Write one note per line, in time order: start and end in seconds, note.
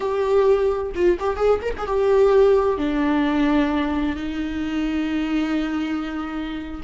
0.00 0.92 G4
0.95 1.18 F4
1.19 1.36 G4
1.36 1.59 G#4
1.62 1.73 A#4
1.77 1.87 G#4
1.87 2.77 G4
2.77 4.15 D4
4.16 6.81 D#4